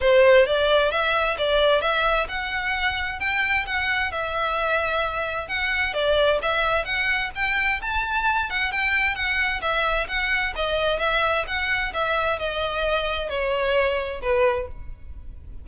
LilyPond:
\new Staff \with { instrumentName = "violin" } { \time 4/4 \tempo 4 = 131 c''4 d''4 e''4 d''4 | e''4 fis''2 g''4 | fis''4 e''2. | fis''4 d''4 e''4 fis''4 |
g''4 a''4. fis''8 g''4 | fis''4 e''4 fis''4 dis''4 | e''4 fis''4 e''4 dis''4~ | dis''4 cis''2 b'4 | }